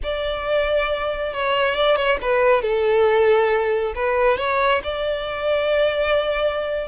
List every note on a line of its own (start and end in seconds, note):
0.03 1.33 D5
1.33 1.74 C#5
1.74 1.95 D5
1.95 2.17 C#5
2.21 2.62 B4
2.62 3.93 A4
3.95 4.37 B4
4.37 4.81 C#5
4.83 6.87 D5